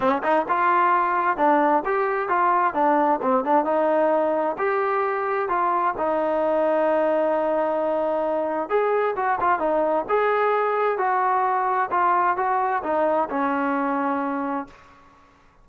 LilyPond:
\new Staff \with { instrumentName = "trombone" } { \time 4/4 \tempo 4 = 131 cis'8 dis'8 f'2 d'4 | g'4 f'4 d'4 c'8 d'8 | dis'2 g'2 | f'4 dis'2.~ |
dis'2. gis'4 | fis'8 f'8 dis'4 gis'2 | fis'2 f'4 fis'4 | dis'4 cis'2. | }